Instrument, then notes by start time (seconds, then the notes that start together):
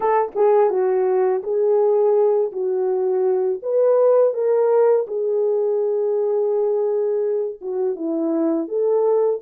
horn
0.00 A4
0.35 G#4
0.70 F#4
1.43 G#4
2.51 F#4
3.62 B4
4.33 A#4
5.07 G#4
7.61 F#4
7.95 E4
8.67 A4